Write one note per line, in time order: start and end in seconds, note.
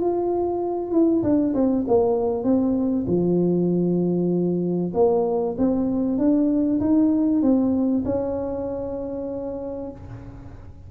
0.00 0.91 F4
0.91 1.22 E4
1.23 1.54 D4
1.54 1.85 C4
1.87 2.43 A#3
2.43 3.05 C4
3.07 4.92 F3
4.94 5.56 A#3
5.58 6.18 C4
6.18 6.80 D4
6.80 7.42 D#4
7.42 8.04 C4
8.05 9.90 C#4